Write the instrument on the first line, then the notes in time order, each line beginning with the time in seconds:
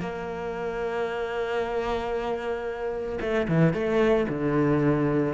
cello
0.00 A#3
3.21 A3
3.48 E3
3.74 A3
4.29 D3